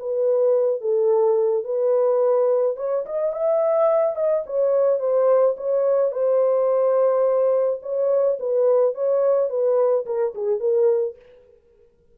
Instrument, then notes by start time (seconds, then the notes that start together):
horn
0.00 B4
0.81 A4
1.65 B4
2.77 C#5
3.06 D#5
3.33 E5
4.16 D#5
4.47 C#5
5.00 C5
5.57 C#5
6.12 C5
7.82 C#5
8.40 B4
8.95 C#5
9.50 B4
10.06 A#4
10.35 G#4
10.60 A#4